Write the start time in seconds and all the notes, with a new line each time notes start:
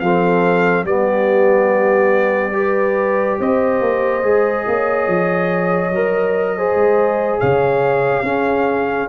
0.00 F3 C4 A4 F5
0.84 G3 B3 G4 D5
2.53 G4 B4
3.39 C4 C5 D#5
3.81 A#3
4.23 G#3 G#4
4.67 A#3 C#5
5.08 F3
5.91 F#3 A#4
6.57 G#4 C5
6.75 G#3
7.40 C#3 C#5 F5
8.23 C#4 G#4